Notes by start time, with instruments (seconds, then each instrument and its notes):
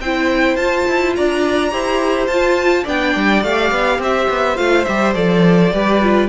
0.00 cello C4, viola E4, violin C5 G5
0.56 cello F4, viola F4, violin A5
0.88 cello E4
1.16 cello D4, violin D5 A#5
1.71 cello E4, viola G4, violin C5
2.27 cello F4, viola F4, violin A5
2.84 cello B3, viola D4, violin D5 G5
3.15 cello G3
3.43 cello A3, viola G4, violin F5
3.71 cello B3
3.98 cello C4, violin C5 E5
4.29 cello B3
4.56 cello A3, viola F4, violin F5
4.84 cello G3, viola G4, violin E5
5.14 cello F3, viola A4, violin D5
5.72 cello G3, viola G4, violin B4
6.02 viola F4